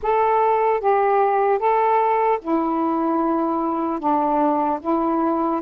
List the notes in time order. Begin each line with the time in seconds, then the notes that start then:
0.02 A4
0.80 G4
1.59 A4
2.41 E4
3.99 D4
4.81 E4